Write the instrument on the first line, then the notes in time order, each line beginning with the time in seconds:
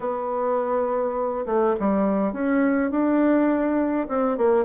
bassoon
0.00 B3
1.46 A3
1.79 G3
2.32 C#4
2.90 D4
4.08 C4
4.37 A#3